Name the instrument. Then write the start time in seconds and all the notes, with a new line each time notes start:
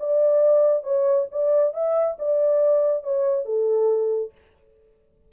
horn
0.00 D5
0.84 C#5
1.32 D5
1.74 E5
2.19 D5
3.03 C#5
3.46 A4